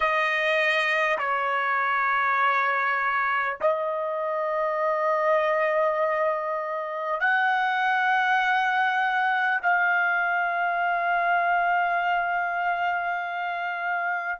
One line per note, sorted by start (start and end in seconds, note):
0.00 1.18 D#5
1.18 3.58 C#5
3.60 7.20 D#5
7.20 9.60 F#5
9.62 14.39 F5